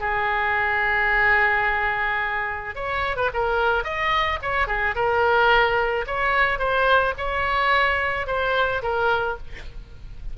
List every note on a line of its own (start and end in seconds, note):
0.00 2.75 G#4
2.75 3.16 C#5
3.16 3.30 B4
3.34 3.84 A#4
3.84 4.39 D#5
4.42 4.67 C#5
4.67 4.95 G#4
4.95 6.05 A#4
6.07 6.59 C#5
6.59 7.14 C5
7.18 8.27 C#5
8.27 8.82 C5
8.82 9.37 A#4